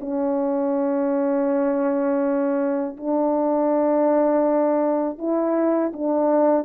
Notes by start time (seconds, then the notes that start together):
0.00 C#4
2.96 D4
5.18 E4
5.93 D4